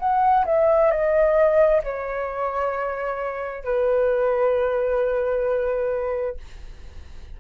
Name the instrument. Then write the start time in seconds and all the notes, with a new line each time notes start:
flute
0.00 F#5
0.46 E5
0.91 D#5
1.84 C#5
3.64 B4